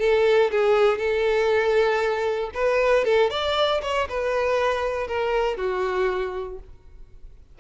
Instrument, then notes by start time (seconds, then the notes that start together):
violin
0.00 A4
0.51 G#4
0.98 A4
2.54 B4
3.05 A4
3.31 D5
3.83 C#5
4.09 B4
5.08 A#4
5.57 F#4